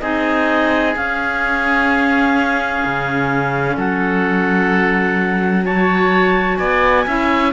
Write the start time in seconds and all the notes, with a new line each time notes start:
0.00 C4 D#4 G#4 D#5
0.96 C#4 F5
2.85 C#3
3.77 F#3 A4 F#5
5.65 F#4 C#5 A5
6.57 B3 D5 G#5
7.07 C#4 E4 E5